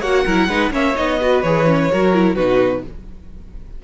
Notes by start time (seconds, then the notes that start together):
0.00 A#3 F#4 C#5 F#5
0.24 F#3 E4 A#4
0.47 G#3 D#4 B4
0.71 A#3 C#4 C#5 E5
0.95 B3 D#4 D#5
1.21 F#4 B4
1.42 E3 G#4 C#5
1.66 C#4
1.91 F#3 F#4 A#4
2.13 E4
2.35 B2 D#4 F#4 B4